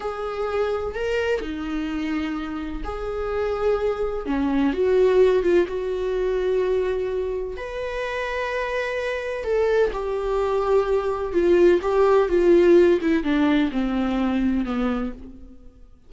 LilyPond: \new Staff \with { instrumentName = "viola" } { \time 4/4 \tempo 4 = 127 gis'2 ais'4 dis'4~ | dis'2 gis'2~ | gis'4 cis'4 fis'4. f'8 | fis'1 |
b'1 | a'4 g'2. | f'4 g'4 f'4. e'8 | d'4 c'2 b4 | }